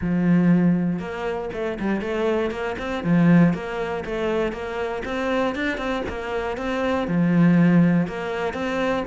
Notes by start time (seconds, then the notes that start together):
0.01 F3
0.99 A#3
1.53 A3
1.79 G3
2.01 A3
2.50 A#3
2.78 C4
3.03 F3
3.53 A#3
4.05 A3
4.52 A#3
5.04 C4
5.55 D4
5.77 C4
6.08 A#3
6.57 C4
7.07 F3
8.07 A#3
8.53 C4